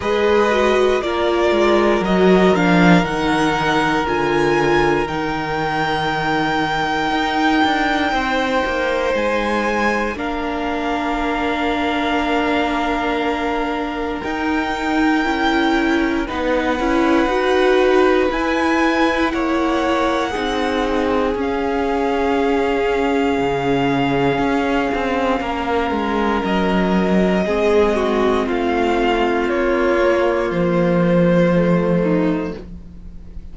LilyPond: <<
  \new Staff \with { instrumentName = "violin" } { \time 4/4 \tempo 4 = 59 dis''4 d''4 dis''8 f''8 fis''4 | gis''4 g''2.~ | g''4 gis''4 f''2~ | f''2 g''2 |
fis''2 gis''4 fis''4~ | fis''4 f''2.~ | f''2 dis''2 | f''4 cis''4 c''2 | }
  \new Staff \with { instrumentName = "violin" } { \time 4/4 b'4 ais'2.~ | ais'1 | c''2 ais'2~ | ais'1 |
b'2. cis''4 | gis'1~ | gis'4 ais'2 gis'8 fis'8 | f'2.~ f'8 dis'8 | }
  \new Staff \with { instrumentName = "viola" } { \time 4/4 gis'8 fis'8 f'4 fis'8 d'8 dis'4 | f'4 dis'2.~ | dis'2 d'2~ | d'2 dis'4 e'4 |
dis'8 e'8 fis'4 e'2 | dis'4 cis'2.~ | cis'2. c'4~ | c'4. ais4. a4 | }
  \new Staff \with { instrumentName = "cello" } { \time 4/4 gis4 ais8 gis8 fis8 f8 dis4 | d4 dis2 dis'8 d'8 | c'8 ais8 gis4 ais2~ | ais2 dis'4 cis'4 |
b8 cis'8 dis'4 e'4 ais4 | c'4 cis'2 cis4 | cis'8 c'8 ais8 gis8 fis4 gis4 | a4 ais4 f2 | }
>>